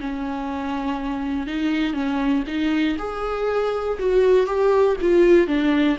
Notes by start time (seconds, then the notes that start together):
0.00 C#4
1.47 D#4
1.93 C#4
2.47 D#4
2.98 G#4
3.99 F#4
4.46 G4
5.01 F4
5.47 D4